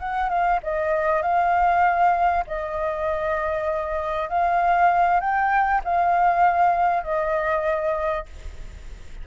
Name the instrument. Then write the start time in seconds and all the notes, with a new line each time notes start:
flute
0.00 F#5
0.30 F5
0.63 D#5
1.23 F5
2.47 D#5
4.29 F5
5.21 G5
5.85 F5
7.04 D#5